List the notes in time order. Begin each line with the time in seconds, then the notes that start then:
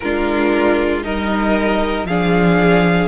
0.00 G#3 D4 F4 A#4
1.02 G3 D#4 A#4 D#5
2.04 F3 D4 G#4 F5